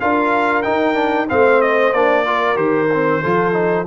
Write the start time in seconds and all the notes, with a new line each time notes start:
0.00 D4 F4 A#4 F5
0.63 D#4 G5
0.95 D4
1.29 A3 C4 C5 F5
1.62 D#5
1.93 A#3 D4 D5
2.25 F4 A#4
2.56 D#3 G4 C5
2.94 C4
3.21 F3 F4 A4
3.53 D#4